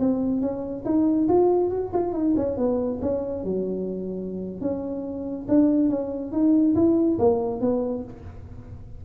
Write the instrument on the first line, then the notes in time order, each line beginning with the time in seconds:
tuba
0.00 C4
0.41 C#4
0.85 D#4
1.29 F4
1.71 F#4
1.94 F4
2.13 D#4
2.36 C#4
2.57 B3
3.02 C#4
3.44 F#3
4.61 C#4
5.49 D4
5.90 C#4
6.32 D#4
6.76 E4
7.19 A#3
7.61 B3